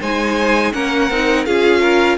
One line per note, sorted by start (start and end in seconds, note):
0.00 0.73 G#3
0.00 0.73 D#4
0.00 0.72 C5
0.00 0.73 G#5
0.73 1.10 A#3
0.73 1.09 C#4
0.73 1.47 A#4
0.73 1.45 F#5
1.10 1.46 C4
1.10 1.47 D#4
1.45 2.18 C#4
1.45 2.18 F4
1.45 1.80 G#4
1.45 2.18 F5
1.80 2.17 A#4